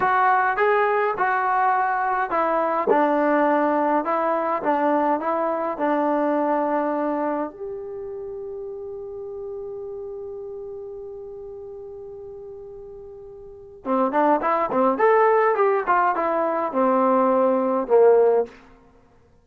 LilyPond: \new Staff \with { instrumentName = "trombone" } { \time 4/4 \tempo 4 = 104 fis'4 gis'4 fis'2 | e'4 d'2 e'4 | d'4 e'4 d'2~ | d'4 g'2.~ |
g'1~ | g'1 | c'8 d'8 e'8 c'8 a'4 g'8 f'8 | e'4 c'2 ais4 | }